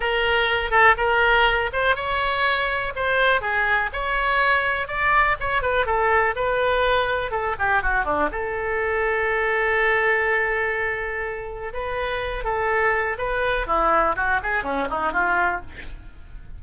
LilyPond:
\new Staff \with { instrumentName = "oboe" } { \time 4/4 \tempo 4 = 123 ais'4. a'8 ais'4. c''8 | cis''2 c''4 gis'4 | cis''2 d''4 cis''8 b'8 | a'4 b'2 a'8 g'8 |
fis'8 d'8 a'2.~ | a'1 | b'4. a'4. b'4 | e'4 fis'8 gis'8 cis'8 dis'8 f'4 | }